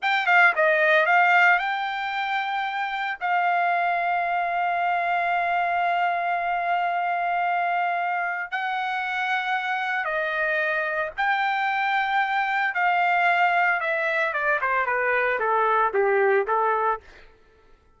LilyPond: \new Staff \with { instrumentName = "trumpet" } { \time 4/4 \tempo 4 = 113 g''8 f''8 dis''4 f''4 g''4~ | g''2 f''2~ | f''1~ | f''1 |
fis''2. dis''4~ | dis''4 g''2. | f''2 e''4 d''8 c''8 | b'4 a'4 g'4 a'4 | }